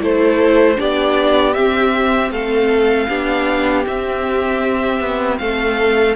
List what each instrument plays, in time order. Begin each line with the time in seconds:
0.00 cello A3, viola E4, violin A4 C5
0.75 cello B3, viola D4, violin G4 D5
1.54 viola C4, cello C4, violin E5
2.31 cello A3, violin A4 F5
3.09 cello B3, viola D4, violin G4
3.84 viola C4, cello C4, violin E5
5.00 cello B3
5.38 cello A3, violin A4 F5